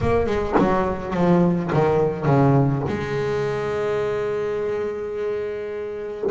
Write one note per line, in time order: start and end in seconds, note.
0.01 0.26 A#3
0.26 0.55 G#3
0.58 1.13 F#3
1.13 1.70 F3
1.72 2.25 D#3
2.25 2.82 C#3
2.88 6.30 G#3